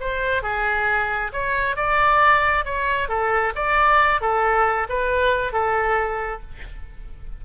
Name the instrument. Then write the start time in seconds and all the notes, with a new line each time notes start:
oboe
0.00 C5
0.43 G#4
1.32 C#5
1.76 D5
2.65 C#5
3.08 A4
3.55 D5
4.21 A4
4.89 B4
5.53 A4